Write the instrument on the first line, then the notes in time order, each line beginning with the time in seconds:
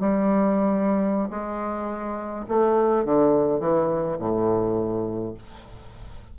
bassoon
0.00 G3
1.30 G#3
2.48 A3
3.05 D3
3.60 E3
4.19 A2